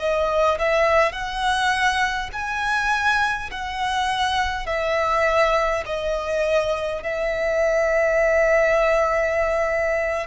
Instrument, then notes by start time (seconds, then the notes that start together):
violin
0.00 D#5
0.59 E5
1.13 F#5
2.33 G#5
3.51 F#5
4.66 E5
5.87 D#5
7.04 E5